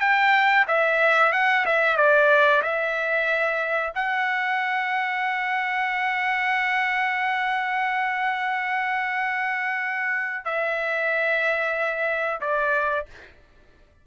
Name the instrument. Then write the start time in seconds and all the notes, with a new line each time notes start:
trumpet
0.00 G5
0.67 E5
1.32 F#5
1.65 E5
1.96 D5
2.62 E5
3.94 F#5
10.44 E5
12.41 D5